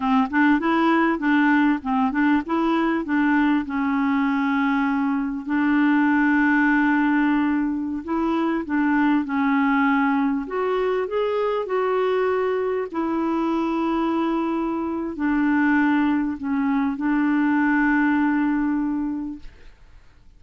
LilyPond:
\new Staff \with { instrumentName = "clarinet" } { \time 4/4 \tempo 4 = 99 c'8 d'8 e'4 d'4 c'8 d'8 | e'4 d'4 cis'2~ | cis'4 d'2.~ | d'4~ d'16 e'4 d'4 cis'8.~ |
cis'4~ cis'16 fis'4 gis'4 fis'8.~ | fis'4~ fis'16 e'2~ e'8.~ | e'4 d'2 cis'4 | d'1 | }